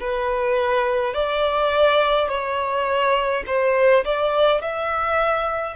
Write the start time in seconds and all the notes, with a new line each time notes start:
0.00 B4
1.14 D5
2.29 C#5
3.47 C5
4.04 D5
4.62 E5